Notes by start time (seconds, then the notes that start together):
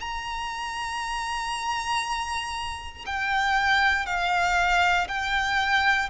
0.00 A#5
3.06 G5
4.05 F5
5.08 G5